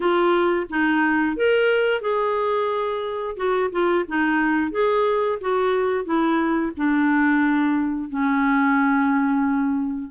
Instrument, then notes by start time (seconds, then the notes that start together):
clarinet
0.00 F4
0.69 D#4
1.36 A#4
2.01 G#4
3.36 F#4
3.71 F4
4.08 D#4
4.71 G#4
5.41 F#4
6.04 E4
6.76 D4
8.09 C#4